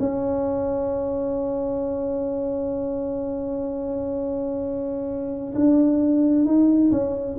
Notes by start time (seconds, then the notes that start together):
0.00 C#4
5.55 D4
6.45 D#4
6.91 C#4